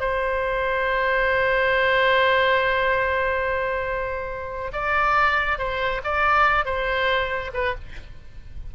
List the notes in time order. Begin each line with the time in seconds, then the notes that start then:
0.00 C5
4.73 D5
5.58 C5
6.04 D5
6.65 C5
7.54 B4